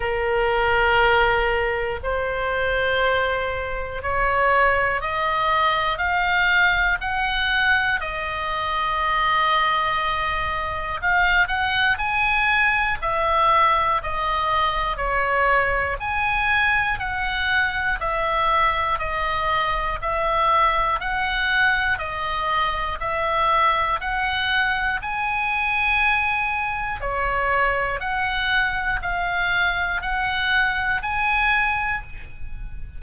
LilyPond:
\new Staff \with { instrumentName = "oboe" } { \time 4/4 \tempo 4 = 60 ais'2 c''2 | cis''4 dis''4 f''4 fis''4 | dis''2. f''8 fis''8 | gis''4 e''4 dis''4 cis''4 |
gis''4 fis''4 e''4 dis''4 | e''4 fis''4 dis''4 e''4 | fis''4 gis''2 cis''4 | fis''4 f''4 fis''4 gis''4 | }